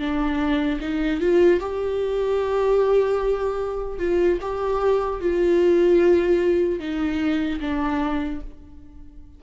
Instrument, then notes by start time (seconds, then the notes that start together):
viola
0.00 D4
0.81 D#4
1.21 F4
1.60 G4
3.99 F4
4.41 G4
5.21 F4
6.80 D#4
7.61 D4